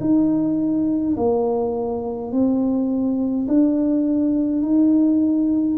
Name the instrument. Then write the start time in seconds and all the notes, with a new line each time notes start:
tuba
0.00 D#4
1.16 A#3
2.32 C4
3.47 D4
4.62 D#4